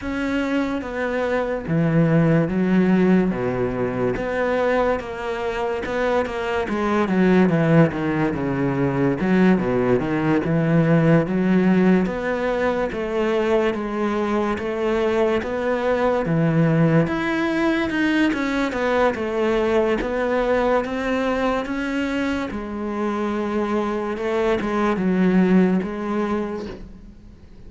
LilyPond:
\new Staff \with { instrumentName = "cello" } { \time 4/4 \tempo 4 = 72 cis'4 b4 e4 fis4 | b,4 b4 ais4 b8 ais8 | gis8 fis8 e8 dis8 cis4 fis8 b,8 | dis8 e4 fis4 b4 a8~ |
a8 gis4 a4 b4 e8~ | e8 e'4 dis'8 cis'8 b8 a4 | b4 c'4 cis'4 gis4~ | gis4 a8 gis8 fis4 gis4 | }